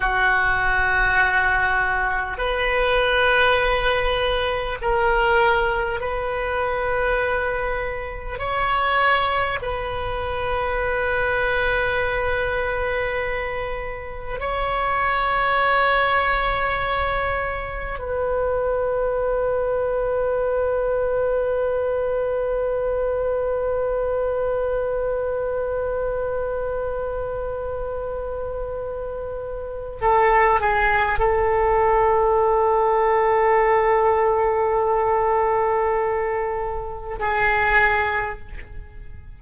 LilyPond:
\new Staff \with { instrumentName = "oboe" } { \time 4/4 \tempo 4 = 50 fis'2 b'2 | ais'4 b'2 cis''4 | b'1 | cis''2. b'4~ |
b'1~ | b'1~ | b'4 a'8 gis'8 a'2~ | a'2. gis'4 | }